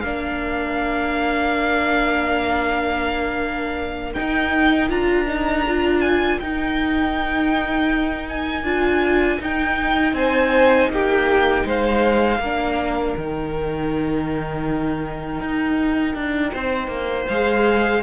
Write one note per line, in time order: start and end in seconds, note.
0.00 4.15 A#3
0.00 4.14 D4
0.00 10.15 A#4
0.00 4.12 F5
4.13 4.89 D#4
4.13 4.90 D#4
4.13 4.88 G5
4.89 6.40 D4
4.89 5.26 F4
4.89 6.01 A#5
5.27 5.64 D#4
5.67 6.42 F4
6.01 6.39 G#5
6.39 8.63 D#4
6.39 8.65 D#4
6.39 8.27 G5
8.28 9.41 G#5
8.63 9.38 D4
8.63 9.39 F4
9.39 12.39 D#4
9.39 10.12 D#4
9.39 10.15 G5
10.12 10.88 C4
10.12 10.92 C5
10.12 10.90 G#5
10.89 11.64 A#3
10.89 11.66 G4
10.89 11.68 G5
11.64 12.39 G#3
11.64 12.41 C5
11.64 13.17 F5
12.39 13.14 A#3
12.39 13.18 D4
12.39 16.53 A#4
13.17 15.40 D#3
13.17 17.30 D#4
13.17 17.28 G5
15.40 16.14 D#4
16.14 16.52 D4
16.53 16.87 C4
16.53 18.02 C5
16.87 17.25 A#3
17.28 18.02 G#3
17.28 18.02 G#4
17.28 18.02 F5